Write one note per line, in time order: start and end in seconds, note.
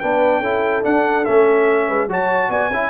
0.00 0.40 B3
0.00 0.43 D4
0.00 0.39 B4
0.00 0.83 G5
0.39 0.82 C#4
0.39 0.82 E4
0.39 1.85 A4
0.82 1.24 D4
0.82 1.27 D4
0.82 1.25 F#5
1.25 1.89 A3
1.25 2.09 C#4
1.25 2.08 E5
1.87 2.07 G#3
1.87 2.08 B4
2.07 2.49 F#3
2.07 2.72 F#4
2.07 2.50 C#5
2.07 2.51 A5
2.49 2.70 B3
2.49 2.71 D5
2.49 2.90 G#5
2.70 2.90 C#4
2.70 2.90 E4
2.70 2.90 E5